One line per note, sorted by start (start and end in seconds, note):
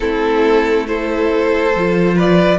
0.00 1.75 A3
0.00 0.86 C4
0.00 0.87 E4
0.00 0.86 A4
0.86 1.73 E4
0.86 2.14 A4
0.86 2.17 C5
1.75 2.59 F3
1.75 2.59 F4
2.14 2.58 B4
2.14 2.59 D5